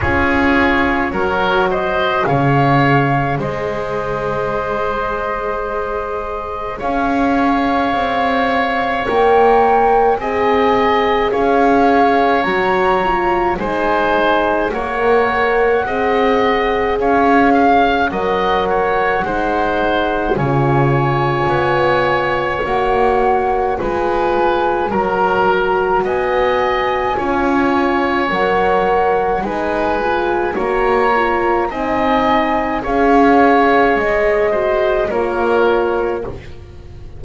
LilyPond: <<
  \new Staff \with { instrumentName = "flute" } { \time 4/4 \tempo 4 = 53 cis''4. dis''8 f''4 dis''4~ | dis''2 f''2 | g''4 gis''4 f''4 ais''4 | gis''4 fis''2 f''4 |
fis''2 gis''2 | fis''4 gis''4 ais''4 gis''4~ | gis''4 fis''4 gis''4 ais''4 | gis''4 f''4 dis''4 cis''4 | }
  \new Staff \with { instrumentName = "oboe" } { \time 4/4 gis'4 ais'8 c''8 cis''4 c''4~ | c''2 cis''2~ | cis''4 dis''4 cis''2 | c''4 cis''4 dis''4 cis''8 f''8 |
dis''8 cis''8 c''4 cis''2~ | cis''4 b'4 ais'4 dis''4 | cis''2 b'4 cis''4 | dis''4 cis''4. c''8 ais'4 | }
  \new Staff \with { instrumentName = "horn" } { \time 4/4 f'4 fis'4 gis'2~ | gis'1 | ais'4 gis'2 fis'8 f'8 | dis'4 ais'4 gis'2 |
ais'4 dis'4 f'2 | fis'4 f'4 fis'2 | f'4 ais'4 dis'8 f'8 fis'8 f'8 | dis'4 gis'4. fis'8 f'4 | }
  \new Staff \with { instrumentName = "double bass" } { \time 4/4 cis'4 fis4 cis4 gis4~ | gis2 cis'4 c'4 | ais4 c'4 cis'4 fis4 | gis4 ais4 c'4 cis'4 |
fis4 gis4 cis4 b4 | ais4 gis4 fis4 b4 | cis'4 fis4 gis4 ais4 | c'4 cis'4 gis4 ais4 | }
>>